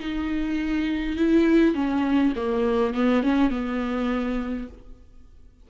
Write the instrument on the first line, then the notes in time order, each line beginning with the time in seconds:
viola
0.00 D#4
1.17 E4
1.75 C#4
2.36 A#3
2.95 B3
3.24 C#4
3.50 B3